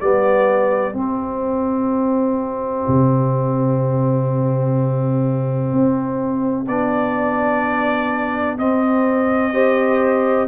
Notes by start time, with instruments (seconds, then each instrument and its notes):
0.00 tuba G3, trombone B3, horn G4, trumpet D5
0.93 trombone C4, tuba C4, trumpet E5
2.87 tuba C3
5.72 tuba C4
6.67 tuba B3, trombone D4, trumpet D5
8.58 trombone C4, tuba C4, trumpet D#5
9.53 trombone G4, horn C5